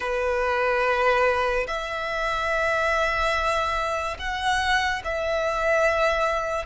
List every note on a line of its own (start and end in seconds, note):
0.00 1.67 B4
1.67 4.17 E5
4.18 5.02 F#5
5.04 6.65 E5